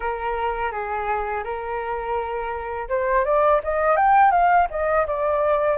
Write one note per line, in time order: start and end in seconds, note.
0.00 0.71 A#4
0.71 1.43 G#4
1.44 2.88 A#4
2.88 3.24 C5
3.24 3.60 D5
3.63 3.96 D#5
3.96 4.31 G5
4.31 4.67 F5
4.70 5.06 D#5
5.06 5.77 D5